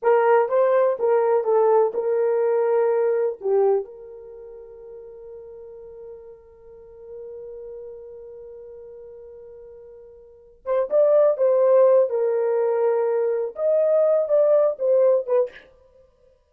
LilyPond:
\new Staff \with { instrumentName = "horn" } { \time 4/4 \tempo 4 = 124 ais'4 c''4 ais'4 a'4 | ais'2. g'4 | ais'1~ | ais'1~ |
ais'1~ | ais'2 c''8 d''4 c''8~ | c''4 ais'2. | dis''4. d''4 c''4 b'8 | }